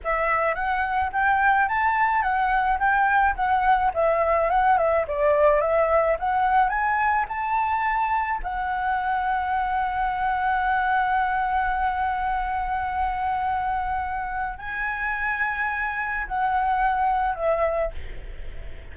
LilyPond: \new Staff \with { instrumentName = "flute" } { \time 4/4 \tempo 4 = 107 e''4 fis''4 g''4 a''4 | fis''4 g''4 fis''4 e''4 | fis''8 e''8 d''4 e''4 fis''4 | gis''4 a''2 fis''4~ |
fis''1~ | fis''1~ | fis''2 gis''2~ | gis''4 fis''2 e''4 | }